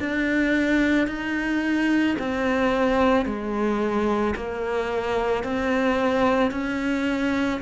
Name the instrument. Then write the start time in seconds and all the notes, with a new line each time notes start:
cello
0.00 D4
1.08 D#4
2.19 C4
3.26 G#3
4.36 A#3
5.44 C4
6.52 C#4